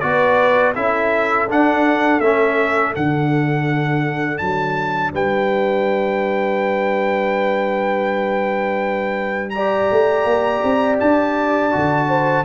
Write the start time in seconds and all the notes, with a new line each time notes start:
0.00 B3 F#4 B4 D5
0.75 C#4 E4 A4 E5
1.49 D4 F#5
2.20 A3 C#4 E5
2.95 D3 D4 F#5
4.38 F#3 A5
5.12 G3 B4 G5
9.50 G4 D5 A#5
9.91 A3
10.25 A#3
10.63 C4
11.00 D4 A5
11.71 D3 F#4
12.08 C5